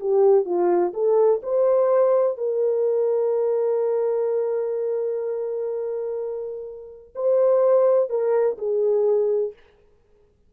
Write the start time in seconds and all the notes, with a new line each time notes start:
0.00 G4
0.45 F4
0.94 A4
1.43 C5
2.38 A#4
7.15 C5
8.10 A#4
8.58 G#4